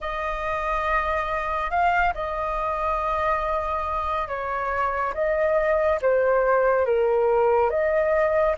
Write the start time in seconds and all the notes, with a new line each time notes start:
0.00 D#5
1.70 F5
2.14 D#5
4.28 C#5
5.14 D#5
6.01 C5
6.85 A#4
7.69 D#5